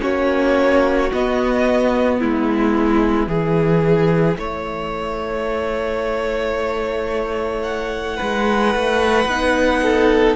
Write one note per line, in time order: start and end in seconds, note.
0.00 1.12 A#3
0.00 1.09 C#4
0.00 2.20 F#4
0.00 1.12 C#5
1.12 3.29 B3
1.12 2.22 B3
1.12 2.20 D#5
2.20 3.27 G#3
2.20 3.29 E4
2.20 7.63 E5
3.27 4.36 E3
3.27 9.29 E4
3.27 4.38 G#4
4.37 8.19 A3
4.37 8.17 C#5
7.63 10.35 F#5
8.17 8.75 G#3
8.17 9.80 B4
8.75 9.25 A3
9.25 10.35 B3
9.25 10.36 D#4
9.83 10.36 A4